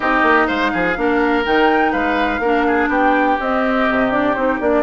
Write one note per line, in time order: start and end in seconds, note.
0.00 0.22 C4
0.00 0.95 D#4
0.00 0.47 G4
0.00 0.47 D#5
0.22 0.46 A#3
0.47 0.73 G#3
0.47 0.71 C5
0.47 1.44 F5
0.73 0.97 F3
0.73 0.97 G#4
0.95 1.45 A#3
0.95 1.44 D4
0.95 1.92 A#4
1.45 1.93 D#3
1.45 2.41 D#4
1.45 1.92 G5
1.92 2.39 G#3
1.92 2.40 B4
1.92 2.89 F5
2.39 2.87 A#3
2.39 3.39 D4
2.39 2.66 A#4
2.67 2.89 G#4
2.88 3.36 B3
2.88 4.82 G4
2.88 3.38 G5
3.39 3.87 C4
3.39 4.10 C4
3.39 4.11 D#5
3.90 4.35 C3
4.10 4.34 D4
4.10 4.34 D5
4.34 4.59 C4
4.34 4.60 D#4
4.34 4.58 C5
4.60 4.82 A#3
4.60 4.82 D4
4.60 4.82 D5